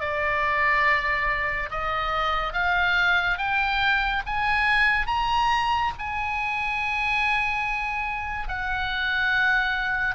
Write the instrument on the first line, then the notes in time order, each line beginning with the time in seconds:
oboe
0.00 D5
1.71 D#5
2.53 F5
3.38 G5
4.26 G#5
5.06 A#5
5.98 G#5
8.48 F#5